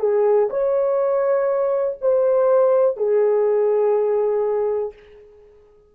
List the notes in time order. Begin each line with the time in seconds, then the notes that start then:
0.00 G#4
0.51 C#5
2.02 C5
2.97 G#4